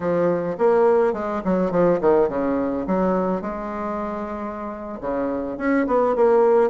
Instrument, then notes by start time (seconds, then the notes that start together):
bassoon
0.00 F3
0.57 A#3
1.13 G#3
1.44 F#3
1.71 F3
2.01 D#3
2.29 C#3
2.86 F#3
3.41 G#3
5.01 C#3
5.57 C#4
5.86 B3
6.15 A#3